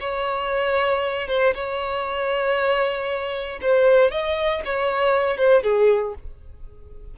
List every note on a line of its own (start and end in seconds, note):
0.00 1.28 C#5
1.28 1.53 C5
1.54 3.59 C#5
3.61 4.11 C5
4.11 4.62 D#5
4.65 5.37 C#5
5.37 5.62 C5
5.62 6.14 G#4